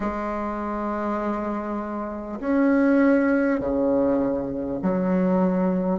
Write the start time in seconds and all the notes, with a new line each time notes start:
0.00 G#3
2.40 C#4
3.60 C#3
4.82 F#3